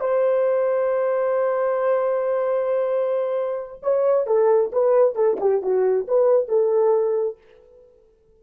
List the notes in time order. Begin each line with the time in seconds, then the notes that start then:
0.00 C5
3.82 C#5
4.26 A4
4.72 B4
5.15 A4
5.40 G4
5.62 F#4
6.08 B4
6.48 A4